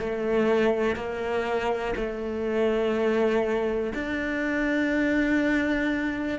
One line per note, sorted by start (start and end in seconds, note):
0.00 0.96 A3
0.96 1.94 A#3
1.97 3.93 A3
3.94 6.39 D4